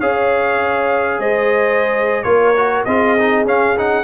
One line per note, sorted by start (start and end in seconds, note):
0.00 1.19 C#4
0.00 2.24 G#4
0.00 1.20 C#5
0.00 1.20 F5
1.19 2.24 G#3
1.19 2.25 C5
1.19 2.23 D#5
2.23 2.85 A#3
2.23 2.54 F4
2.23 2.86 A#4
2.23 2.83 C#5
2.56 2.87 F#4
2.85 3.45 C4
2.85 3.18 F4
2.85 4.04 G#4
2.85 3.45 D#5
3.18 3.46 D#4
3.45 4.04 C#4
3.45 3.76 C#4
3.45 3.78 F5
3.77 4.04 D#4
3.77 4.04 F#5